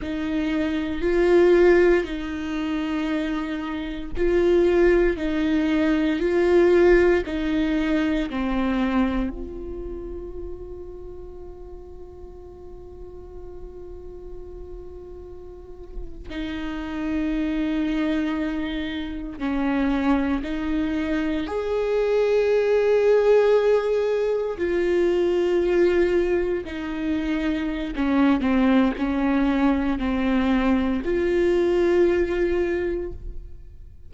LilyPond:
\new Staff \with { instrumentName = "viola" } { \time 4/4 \tempo 4 = 58 dis'4 f'4 dis'2 | f'4 dis'4 f'4 dis'4 | c'4 f'2.~ | f'2.~ f'8. dis'16~ |
dis'2~ dis'8. cis'4 dis'16~ | dis'8. gis'2. f'16~ | f'4.~ f'16 dis'4~ dis'16 cis'8 c'8 | cis'4 c'4 f'2 | }